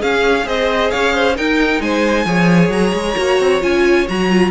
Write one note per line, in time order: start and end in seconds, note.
0.00 0.45 C#4
0.00 0.46 C#4
0.00 0.45 G#4
0.00 0.47 F5
0.45 0.91 C4
0.45 1.35 G#4
0.45 0.92 C5
0.45 0.91 D#5
0.91 1.38 C#4
0.91 1.14 C#5
0.91 1.36 F5
1.14 1.37 C5
1.35 2.26 D#4
1.35 1.81 D#4
1.35 1.82 A#4
1.35 1.82 G5
1.81 2.25 G#3
1.81 2.26 C5
1.81 2.72 G#5
2.25 2.70 F3
2.25 3.16 G#4
2.25 4.51 C#5
2.70 2.93 F#3
2.70 3.62 A#5
2.93 3.16 G#3
3.17 3.40 A#3
3.17 3.61 F#4
3.40 3.63 C4
3.61 4.08 C#4
3.61 4.06 F4
3.61 4.08 G#5
4.08 4.51 F#3
4.08 4.29 F#4
4.08 4.51 A#5
4.29 4.51 F4